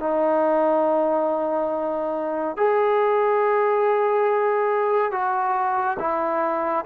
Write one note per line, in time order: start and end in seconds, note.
0.00 2.57 D#4
2.57 5.12 G#4
5.12 5.98 F#4
6.00 6.85 E4